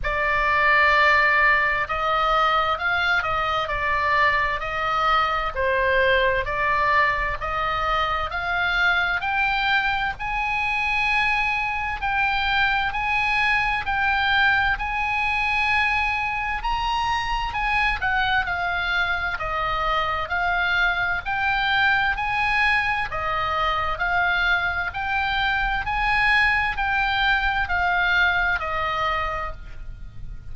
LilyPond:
\new Staff \with { instrumentName = "oboe" } { \time 4/4 \tempo 4 = 65 d''2 dis''4 f''8 dis''8 | d''4 dis''4 c''4 d''4 | dis''4 f''4 g''4 gis''4~ | gis''4 g''4 gis''4 g''4 |
gis''2 ais''4 gis''8 fis''8 | f''4 dis''4 f''4 g''4 | gis''4 dis''4 f''4 g''4 | gis''4 g''4 f''4 dis''4 | }